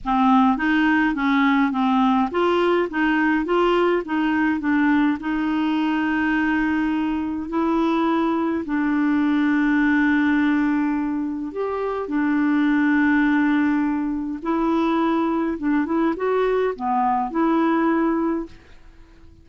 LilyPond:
\new Staff \with { instrumentName = "clarinet" } { \time 4/4 \tempo 4 = 104 c'4 dis'4 cis'4 c'4 | f'4 dis'4 f'4 dis'4 | d'4 dis'2.~ | dis'4 e'2 d'4~ |
d'1 | g'4 d'2.~ | d'4 e'2 d'8 e'8 | fis'4 b4 e'2 | }